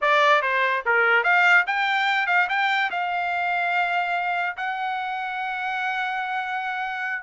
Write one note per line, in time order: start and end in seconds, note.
0.01 0.42 D5
0.42 0.83 C5
0.85 1.23 A#4
1.23 1.65 F5
1.66 2.26 G5
2.26 2.47 F5
2.49 2.90 G5
2.91 4.56 F5
4.56 7.22 F#5